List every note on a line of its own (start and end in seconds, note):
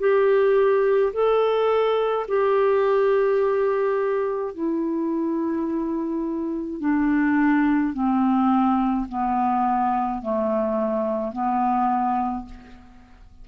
0.00 1.13 G4
1.13 2.26 A4
2.28 4.54 G4
4.54 6.80 E4
6.80 7.93 D4
7.93 9.07 C4
9.09 10.22 B3
10.22 11.33 A3
11.33 12.46 B3